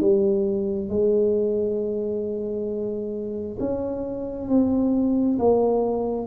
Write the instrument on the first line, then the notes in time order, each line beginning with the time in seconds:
tuba
0.00 G3
0.89 G#3
3.59 C#4
4.49 C4
5.39 A#3